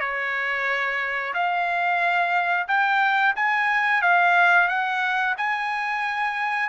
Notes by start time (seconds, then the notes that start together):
0.00 C#5
1.34 F5
2.68 G5
3.36 G#5
4.02 F5
4.68 F#5
5.37 G#5